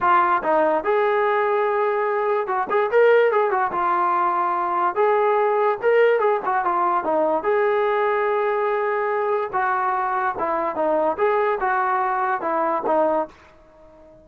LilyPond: \new Staff \with { instrumentName = "trombone" } { \time 4/4 \tempo 4 = 145 f'4 dis'4 gis'2~ | gis'2 fis'8 gis'8 ais'4 | gis'8 fis'8 f'2. | gis'2 ais'4 gis'8 fis'8 |
f'4 dis'4 gis'2~ | gis'2. fis'4~ | fis'4 e'4 dis'4 gis'4 | fis'2 e'4 dis'4 | }